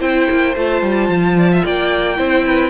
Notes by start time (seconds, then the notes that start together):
0.00 C4 E4 C5 G5
0.31 A#3
0.56 A3 F4 A5
0.82 G3
1.09 F3
1.38 D5
1.52 E5
1.65 A#3 D5 G5
2.16 C4 E4 C5
2.46 B4